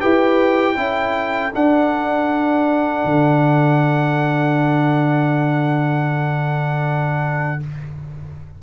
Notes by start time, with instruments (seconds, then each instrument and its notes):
0.00 tuba E4, trombone G4, horn B4, trumpet G5
0.75 tuba C#4, trombone E4, horn A4
1.52 trombone D4, tuba D4, trumpet F#5
3.04 tuba D3